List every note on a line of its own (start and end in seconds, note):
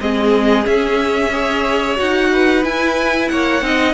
0.00 0.66 G#3
0.00 0.63 C4
0.00 1.31 G#4
0.00 0.66 D#5
0.63 1.29 C#4
0.63 1.98 C#4
0.63 1.98 E5
1.31 1.95 G#4
1.31 2.30 C#5
1.95 2.65 D#4
1.95 2.61 F#4
1.95 2.64 F#5
2.32 3.31 B4
2.63 3.62 E4
2.63 3.31 E4
2.63 3.28 G#5
3.28 3.61 A#3
3.28 3.64 C#5
3.28 3.94 F#5
3.61 3.94 C4
3.61 3.94 D#4
3.61 3.94 D#5